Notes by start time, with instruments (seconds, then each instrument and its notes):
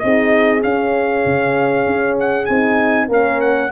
0.00 tuba C4, horn D#4 G#4, trumpet D#5
0.61 horn C#4, tuba C#4, trumpet F5
1.26 tuba C#3
1.87 tuba C#4
2.20 trumpet F#5
2.46 tuba C4, horn D#4, trumpet G#5
3.08 tuba A#3, horn C#4 A#4, trumpet F5
3.41 trumpet F#5